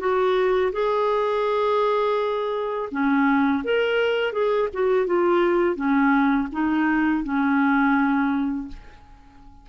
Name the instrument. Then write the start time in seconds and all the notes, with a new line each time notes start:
clarinet
0.00 F#4
0.73 G#4
2.92 C#4
3.64 A#4
4.33 G#4
4.73 F#4
5.07 F4
5.76 C#4
6.52 D#4
7.24 C#4